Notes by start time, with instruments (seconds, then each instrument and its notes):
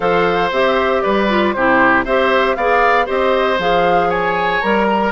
0.00 bassoon F3, clarinet A4, oboe C5, flute F5
0.51 bassoon C4, clarinet G4, flute E5
1.01 bassoon G3, oboe B4, flute D5
1.28 clarinet F4
1.53 bassoon C3, clarinet E4, oboe G4, flute C5
2.04 bassoon C4, clarinet G4, oboe C5, flute E5
2.55 bassoon B3, clarinet G#4, oboe D5, flute F5
3.05 bassoon C4, clarinet G4, oboe C5, flute D#5
3.58 bassoon F3, clarinet G#4, flute F5
4.09 oboe C#5, flute G#5
4.61 bassoon G3, clarinet A#4, flute A#5
4.90 oboe A#4